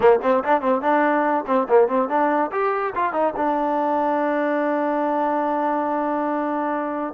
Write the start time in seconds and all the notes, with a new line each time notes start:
0.00 A#3
0.22 C4
0.44 D4
0.61 C4
0.81 D4
1.46 C4
1.68 A#3
1.88 C4
2.08 D4
2.51 G4
2.95 F4
3.12 D#4
3.36 D4